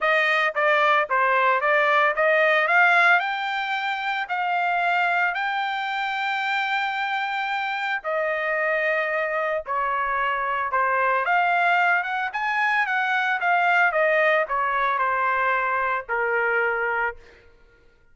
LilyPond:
\new Staff \with { instrumentName = "trumpet" } { \time 4/4 \tempo 4 = 112 dis''4 d''4 c''4 d''4 | dis''4 f''4 g''2 | f''2 g''2~ | g''2. dis''4~ |
dis''2 cis''2 | c''4 f''4. fis''8 gis''4 | fis''4 f''4 dis''4 cis''4 | c''2 ais'2 | }